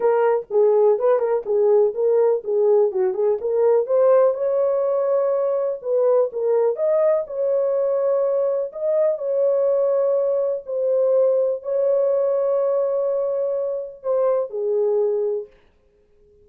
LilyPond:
\new Staff \with { instrumentName = "horn" } { \time 4/4 \tempo 4 = 124 ais'4 gis'4 b'8 ais'8 gis'4 | ais'4 gis'4 fis'8 gis'8 ais'4 | c''4 cis''2. | b'4 ais'4 dis''4 cis''4~ |
cis''2 dis''4 cis''4~ | cis''2 c''2 | cis''1~ | cis''4 c''4 gis'2 | }